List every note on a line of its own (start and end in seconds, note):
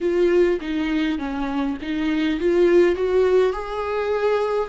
0.00 0.59 F4
0.60 1.18 D#4
1.18 1.76 C#4
1.81 2.40 D#4
2.40 2.95 F4
2.95 3.52 F#4
3.52 4.68 G#4